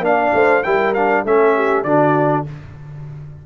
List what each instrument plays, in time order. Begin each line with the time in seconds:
0.00 tuba A#3, trombone D4, trumpet F5
0.06 horn D5
0.34 tuba A3, horn C5
0.63 tuba G3, trombone E4, horn A#4, trumpet G5
0.94 trombone D4, trumpet F5
1.25 tuba A3, trombone C#4, horn A4, trumpet E5
1.55 horn G4
1.84 tuba D3, trombone D4, horn F#4, trumpet D5